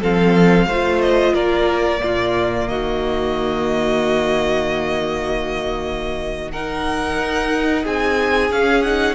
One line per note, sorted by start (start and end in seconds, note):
0.00 0.67 F3
0.00 0.68 C4
0.00 0.67 A4
0.00 1.01 F5
0.67 1.33 A3
0.67 1.99 F4
0.67 1.34 C5
1.01 1.35 D#5
1.34 2.01 A#3
1.34 2.01 A#4
1.34 2.68 D5
1.99 2.68 A#2
1.99 6.49 A#3
1.99 2.70 F4
2.68 7.18 D#3
2.68 6.52 F#4
2.68 6.51 D#5
6.52 8.52 D#4
6.52 7.84 A#4
6.52 7.86 F#5
7.18 7.85 D#4
7.84 8.51 C4
7.84 9.15 G#4
7.84 8.52 G#5
8.51 9.15 C#4
8.51 8.85 C#4
8.51 8.82 F5
8.82 9.15 D#4
8.82 9.15 F#5